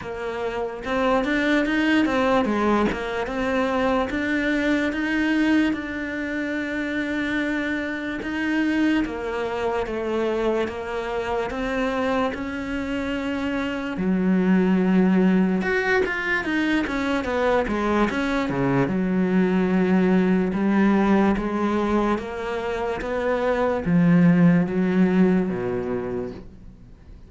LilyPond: \new Staff \with { instrumentName = "cello" } { \time 4/4 \tempo 4 = 73 ais4 c'8 d'8 dis'8 c'8 gis8 ais8 | c'4 d'4 dis'4 d'4~ | d'2 dis'4 ais4 | a4 ais4 c'4 cis'4~ |
cis'4 fis2 fis'8 f'8 | dis'8 cis'8 b8 gis8 cis'8 cis8 fis4~ | fis4 g4 gis4 ais4 | b4 f4 fis4 b,4 | }